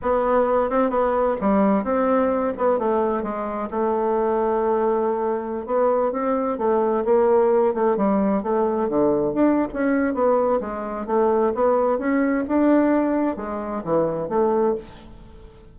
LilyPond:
\new Staff \with { instrumentName = "bassoon" } { \time 4/4 \tempo 4 = 130 b4. c'8 b4 g4 | c'4. b8 a4 gis4 | a1~ | a16 b4 c'4 a4 ais8.~ |
ais8. a8 g4 a4 d8.~ | d16 d'8. cis'4 b4 gis4 | a4 b4 cis'4 d'4~ | d'4 gis4 e4 a4 | }